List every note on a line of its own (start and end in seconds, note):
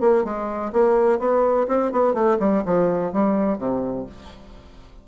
0.00 0.24 A#3
0.24 0.72 G#3
0.72 1.19 A#3
1.19 1.67 B3
1.68 1.92 C4
1.92 2.14 B3
2.14 2.38 A3
2.39 2.63 G3
2.65 3.12 F3
3.12 3.58 G3
3.58 4.06 C3